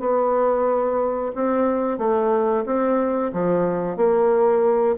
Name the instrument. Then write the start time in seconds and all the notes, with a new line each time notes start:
bassoon
0.00 B3
1.35 C4
1.98 A3
2.66 C4
3.33 F3
3.97 A#3